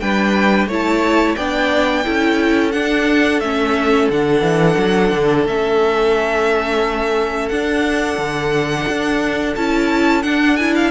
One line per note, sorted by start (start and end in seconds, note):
0.00 0.67 G3
0.00 0.69 D4
0.00 0.68 B4
0.00 0.68 G5
0.67 1.35 A3
0.67 1.38 E4
0.67 1.36 C#5
0.67 1.36 A5
1.36 2.06 B3
1.36 2.04 D4
1.36 2.04 D5
1.36 2.72 G5
2.04 2.75 C#4
2.04 2.72 E4
2.04 10.91 A4
2.72 3.41 D4
2.72 3.40 D4
2.72 3.40 F#5
3.40 4.09 A3
3.40 4.12 C#4
3.40 4.08 E5
4.10 4.41 D3
4.10 5.47 D4
4.10 5.47 F#5
4.41 4.75 E3
4.78 5.11 F#3
5.11 5.45 D3
5.45 7.50 A3
5.45 7.52 C#4
5.45 7.49 E5
7.49 8.18 D4
7.49 9.57 D4
7.49 9.54 F#5
8.18 8.86 D3
8.88 9.56 D4
9.56 10.24 C#4
9.56 10.23 E4
9.56 10.23 A5
10.23 10.57 D4
10.23 10.91 D4
10.23 10.56 F#5
10.56 10.91 E4
10.56 10.73 G#5
10.75 10.91 F5